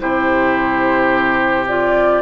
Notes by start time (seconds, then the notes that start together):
0.00 C3 E4 G4 C5
1.68 F4 D5